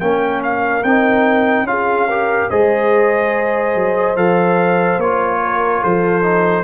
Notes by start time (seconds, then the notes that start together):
0.00 A#3 C#4 A#4 G5
0.43 F5
0.83 C4 D#4 G5
1.63 C#4 F4 G#4 F5
2.09 G4 A#4
2.50 G#3 G#4 C5 D#5
3.75 F#3
4.16 F3 A4 F5
4.97 A#3 F4 C#5
5.44 A#4
5.81 F3 A4 C5
6.22 D#4